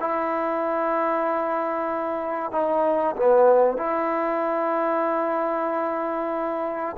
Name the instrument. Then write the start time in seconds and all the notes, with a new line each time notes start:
trombone
0.00 E4
2.52 D#4
3.16 B3
3.77 E4